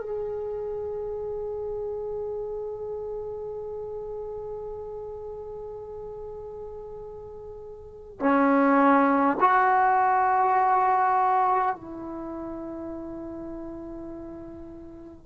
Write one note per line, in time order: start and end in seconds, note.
0.00 8.20 G#4
8.20 9.37 C#4
9.40 11.75 F#4
11.75 15.26 E4